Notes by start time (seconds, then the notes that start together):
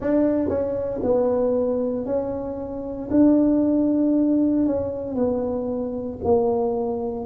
0.00 D4
0.48 C#4
1.03 B3
2.05 C#4
3.10 D4
4.66 C#4
5.14 B3
6.24 A#3